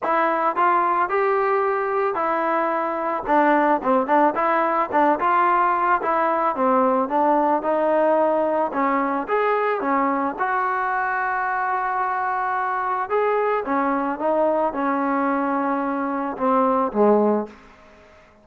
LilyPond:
\new Staff \with { instrumentName = "trombone" } { \time 4/4 \tempo 4 = 110 e'4 f'4 g'2 | e'2 d'4 c'8 d'8 | e'4 d'8 f'4. e'4 | c'4 d'4 dis'2 |
cis'4 gis'4 cis'4 fis'4~ | fis'1 | gis'4 cis'4 dis'4 cis'4~ | cis'2 c'4 gis4 | }